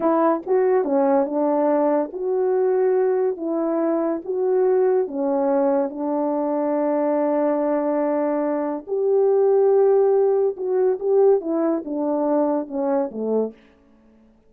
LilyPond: \new Staff \with { instrumentName = "horn" } { \time 4/4 \tempo 4 = 142 e'4 fis'4 cis'4 d'4~ | d'4 fis'2. | e'2 fis'2 | cis'2 d'2~ |
d'1~ | d'4 g'2.~ | g'4 fis'4 g'4 e'4 | d'2 cis'4 a4 | }